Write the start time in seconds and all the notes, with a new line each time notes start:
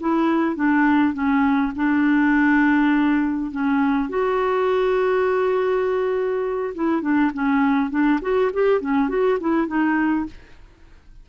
0.00 E4
0.56 D4
1.14 C#4
1.76 D4
3.51 C#4
4.09 F#4
6.75 E4
7.02 D4
7.33 C#4
7.90 D4
8.22 F#4
8.53 G4
8.81 C#4
9.09 F#4
9.40 E4
9.67 D#4